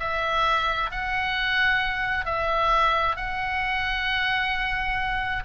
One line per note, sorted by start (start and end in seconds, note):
0.00 0.91 E5
0.91 2.26 F#5
2.26 3.17 E5
3.17 5.44 F#5